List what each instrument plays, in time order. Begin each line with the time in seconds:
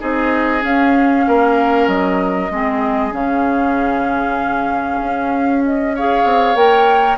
0.00 bassoon C4, clarinet D#4, oboe G#4, flute D#5
0.61 clarinet C#4, bassoon C#4, flute F5
1.27 bassoon A#3, oboe A#4
1.87 bassoon F#3, flute D#5
2.50 bassoon G#3, clarinet C4, oboe G#4
3.11 bassoon C#3, clarinet C#4, flute F5
5.01 bassoon C#4
5.64 flute D#5
5.95 clarinet G#4, oboe C#5, flute F5
6.24 bassoon C4
6.55 bassoon A#3, clarinet A#4, flute G5